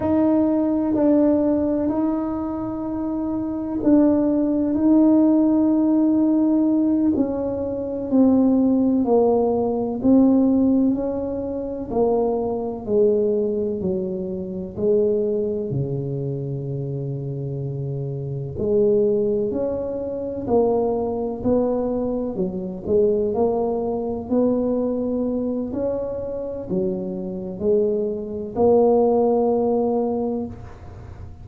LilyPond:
\new Staff \with { instrumentName = "tuba" } { \time 4/4 \tempo 4 = 63 dis'4 d'4 dis'2 | d'4 dis'2~ dis'8 cis'8~ | cis'8 c'4 ais4 c'4 cis'8~ | cis'8 ais4 gis4 fis4 gis8~ |
gis8 cis2. gis8~ | gis8 cis'4 ais4 b4 fis8 | gis8 ais4 b4. cis'4 | fis4 gis4 ais2 | }